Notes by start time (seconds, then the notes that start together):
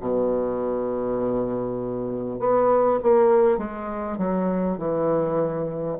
0.00 B2
2.39 B3
3.03 A#3
3.58 G#3
4.18 F#3
4.78 E3